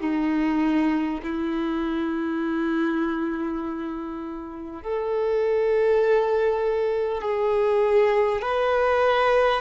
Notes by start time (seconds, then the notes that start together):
0.00 D#4
1.23 E4
4.83 A4
7.21 G#4
8.41 B4